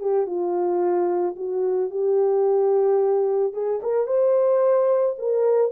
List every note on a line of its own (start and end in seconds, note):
0.00 0.27 G4
0.27 1.36 F4
1.36 1.90 F#4
1.90 3.53 G4
3.53 3.81 G#4
3.83 4.07 A#4
4.07 5.16 C5
5.18 5.72 A#4